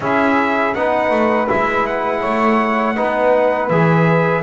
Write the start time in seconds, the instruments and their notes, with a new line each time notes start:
0.00 double bass C#4, trombone E4, saxophone G#4, trumpet E5
0.74 double bass B3, trombone D#4, saxophone B4, trumpet F#5
1.10 double bass A3
1.47 double bass G#3, trombone E4, trumpet E5
1.86 trumpet F#5
2.19 double bass A3, saxophone C#5
2.95 double bass B3, trombone D#4, saxophone B4
3.69 double bass E3, trombone G#4, trumpet E5